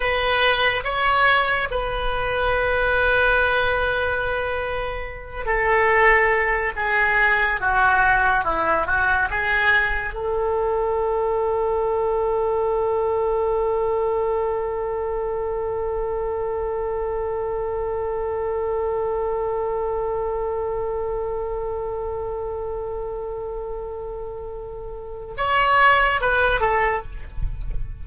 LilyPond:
\new Staff \with { instrumentName = "oboe" } { \time 4/4 \tempo 4 = 71 b'4 cis''4 b'2~ | b'2~ b'8 a'4. | gis'4 fis'4 e'8 fis'8 gis'4 | a'1~ |
a'1~ | a'1~ | a'1~ | a'2 cis''4 b'8 a'8 | }